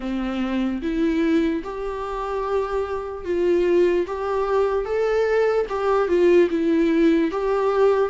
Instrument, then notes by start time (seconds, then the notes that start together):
viola
0.00 C4
0.81 E4
1.63 G4
3.24 F4
4.07 G4
4.85 A4
5.69 G4
6.08 F4
6.50 E4
7.31 G4